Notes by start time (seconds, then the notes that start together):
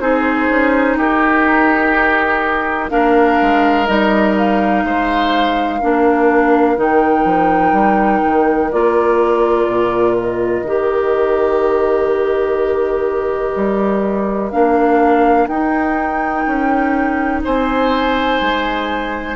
0.00 C4 D#4 G#4 C5
0.50 C#4
0.97 D#4 G4 A#4
2.90 A#3 D4 A#4 F5
3.42 G#3
3.86 G3 D#4 D#5
4.37 F5
4.84 G#3 C5
5.79 A#3 D4 A#4
6.77 D#3 D#4 G5
7.25 F3
7.73 G3
8.25 D#3
8.72 A#3 F4 D5
9.68 A#2
10.16 D#5
10.63 D#3 G4
13.56 G3
14.51 A#3 D4 F5
15.48 D#4 G5
16.47 C#4
17.44 C4 C5 G#5
18.41 G#3